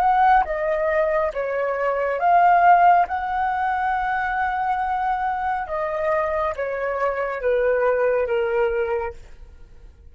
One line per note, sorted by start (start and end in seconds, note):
0.00 0.43 F#5
0.45 1.32 D#5
1.34 2.19 C#5
2.19 3.06 F5
3.08 5.67 F#5
5.67 6.54 D#5
6.56 7.41 C#5
7.41 8.27 B4
8.27 9.14 A#4